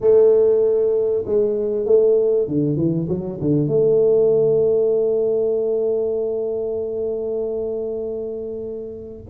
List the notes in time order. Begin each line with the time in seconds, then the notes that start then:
0.00 A3
1.25 G#3
1.85 A3
2.47 D3
2.76 E3
3.08 F#3
3.40 D3
3.67 A3